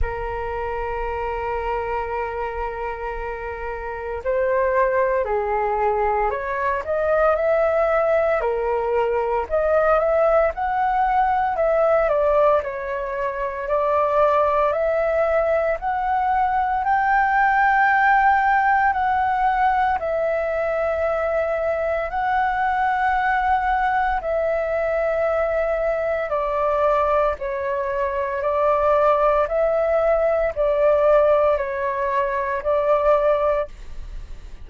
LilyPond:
\new Staff \with { instrumentName = "flute" } { \time 4/4 \tempo 4 = 57 ais'1 | c''4 gis'4 cis''8 dis''8 e''4 | ais'4 dis''8 e''8 fis''4 e''8 d''8 | cis''4 d''4 e''4 fis''4 |
g''2 fis''4 e''4~ | e''4 fis''2 e''4~ | e''4 d''4 cis''4 d''4 | e''4 d''4 cis''4 d''4 | }